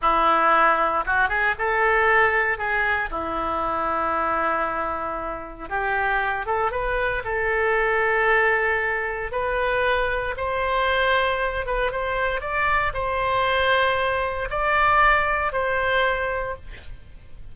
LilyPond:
\new Staff \with { instrumentName = "oboe" } { \time 4/4 \tempo 4 = 116 e'2 fis'8 gis'8 a'4~ | a'4 gis'4 e'2~ | e'2. g'4~ | g'8 a'8 b'4 a'2~ |
a'2 b'2 | c''2~ c''8 b'8 c''4 | d''4 c''2. | d''2 c''2 | }